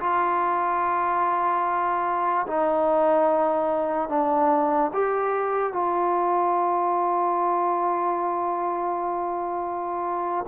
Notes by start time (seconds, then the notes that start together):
0.00 F4
2.48 D#4
4.09 D4
4.93 G4
5.73 F4